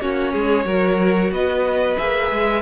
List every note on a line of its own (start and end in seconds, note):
0.00 0.33 A#3
0.00 0.65 C#4
0.00 0.33 F#4
0.00 1.32 C#5
0.33 0.65 G#3
0.33 0.66 G#4
0.65 1.31 F#3
0.65 1.97 F#4
0.65 1.32 A#4
1.31 1.97 B3
1.31 2.62 B4
1.31 1.98 D#5
1.98 2.31 A#3
1.98 2.62 G#4
1.98 2.62 E5
2.31 2.62 G#3